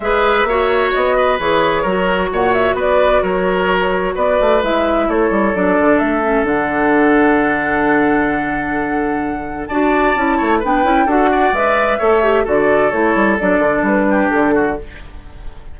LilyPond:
<<
  \new Staff \with { instrumentName = "flute" } { \time 4/4 \tempo 4 = 130 e''2 dis''4 cis''4~ | cis''4 fis''8 e''8 d''4 cis''4~ | cis''4 d''4 e''4 cis''4 | d''4 e''4 fis''2~ |
fis''1~ | fis''4 a''2 g''4 | fis''4 e''2 d''4 | cis''4 d''4 b'4 a'4 | }
  \new Staff \with { instrumentName = "oboe" } { \time 4/4 b'4 cis''4. b'4. | ais'4 cis''4 b'4 ais'4~ | ais'4 b'2 a'4~ | a'1~ |
a'1~ | a'4 d''4. cis''8 b'4 | a'8 d''4. cis''4 a'4~ | a'2~ a'8 g'4 fis'8 | }
  \new Staff \with { instrumentName = "clarinet" } { \time 4/4 gis'4 fis'2 gis'4 | fis'1~ | fis'2 e'2 | d'4. cis'8 d'2~ |
d'1~ | d'4 fis'4 e'4 d'8 e'8 | fis'4 b'4 a'8 g'8 fis'4 | e'4 d'2. | }
  \new Staff \with { instrumentName = "bassoon" } { \time 4/4 gis4 ais4 b4 e4 | fis4 ais,4 b4 fis4~ | fis4 b8 a8 gis4 a8 g8 | fis8 d8 a4 d2~ |
d1~ | d4 d'4 cis'8 a8 b8 cis'8 | d'4 gis4 a4 d4 | a8 g8 fis8 d8 g4 d4 | }
>>